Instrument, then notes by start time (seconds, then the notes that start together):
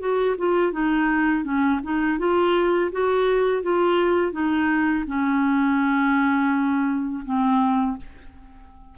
clarinet
0.00 F#4
0.38 F4
0.72 D#4
1.44 C#4
1.84 D#4
2.19 F4
2.92 F#4
3.63 F4
4.32 D#4
5.07 C#4
7.25 C4